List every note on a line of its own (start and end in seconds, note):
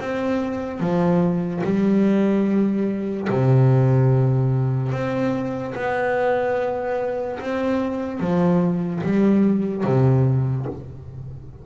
0.00 0.80 C4
0.80 1.62 F3
1.64 3.28 G3
3.29 4.92 C3
4.92 5.74 C4
5.75 7.39 B3
7.40 8.20 C4
8.20 9.02 F3
9.03 9.84 G3
9.84 10.66 C3